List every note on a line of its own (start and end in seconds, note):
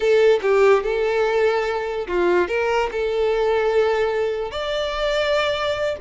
0.00 0.39 A4
0.41 0.83 G4
0.83 2.07 A4
2.07 2.48 F4
2.48 2.89 A#4
2.91 4.51 A4
4.51 5.96 D5